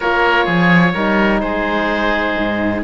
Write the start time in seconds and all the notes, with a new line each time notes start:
0.00 A#3 F4 A#4 C#5
0.45 F3 G#4
0.94 G3 D#4 A#4
1.40 G#3 G#4 C5
2.38 G#2